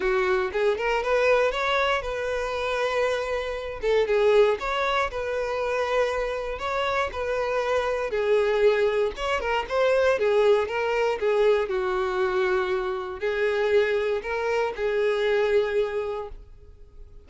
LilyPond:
\new Staff \with { instrumentName = "violin" } { \time 4/4 \tempo 4 = 118 fis'4 gis'8 ais'8 b'4 cis''4 | b'2.~ b'8 a'8 | gis'4 cis''4 b'2~ | b'4 cis''4 b'2 |
gis'2 cis''8 ais'8 c''4 | gis'4 ais'4 gis'4 fis'4~ | fis'2 gis'2 | ais'4 gis'2. | }